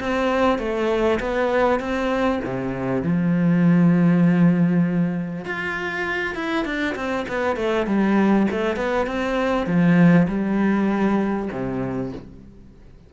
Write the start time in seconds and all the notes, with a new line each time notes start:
0.00 C4
0.59 A3
1.20 B3
1.80 C4
2.45 C3
3.03 F3
5.45 F4
6.35 E4
6.65 D4
6.96 C4
7.29 B3
7.56 A3
7.87 G3
8.51 A3
8.77 B3
9.07 C4
9.67 F3
10.28 G3
11.52 C3